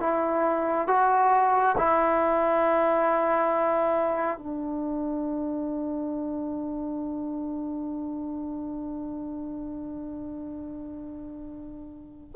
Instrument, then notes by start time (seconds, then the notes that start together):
trombone
0.00 E4
0.88 F#4
1.78 E4
4.38 D4